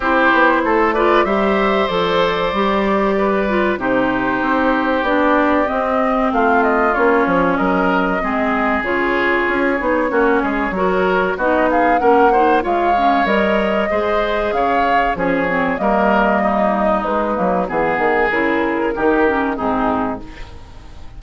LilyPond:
<<
  \new Staff \with { instrumentName = "flute" } { \time 4/4 \tempo 4 = 95 c''4. d''8 e''4 d''4~ | d''2 c''2 | d''4 dis''4 f''8 dis''8 cis''4 | dis''2 cis''2~ |
cis''2 dis''8 f''8 fis''4 | f''4 dis''2 f''4 | cis''4 dis''2 b'4 | gis'4 ais'2 gis'4 | }
  \new Staff \with { instrumentName = "oboe" } { \time 4/4 g'4 a'8 b'8 c''2~ | c''4 b'4 g'2~ | g'2 f'2 | ais'4 gis'2. |
fis'8 gis'8 ais'4 fis'8 gis'8 ais'8 c''8 | cis''2 c''4 cis''4 | gis'4 ais'4 dis'2 | gis'2 g'4 dis'4 | }
  \new Staff \with { instrumentName = "clarinet" } { \time 4/4 e'4. f'8 g'4 a'4 | g'4. f'8 dis'2 | d'4 c'2 cis'4~ | cis'4 c'4 f'4. dis'8 |
cis'4 fis'4 dis'4 cis'8 dis'8 | f'8 cis'8 ais'4 gis'2 | cis'8 c'8 ais2 gis8 ais8 | b4 e'4 dis'8 cis'8 c'4 | }
  \new Staff \with { instrumentName = "bassoon" } { \time 4/4 c'8 b8 a4 g4 f4 | g2 c4 c'4 | b4 c'4 a4 ais8 f8 | fis4 gis4 cis4 cis'8 b8 |
ais8 gis8 fis4 b4 ais4 | gis4 g4 gis4 cis4 | f4 g2 gis8 fis8 | e8 dis8 cis4 dis4 gis,4 | }
>>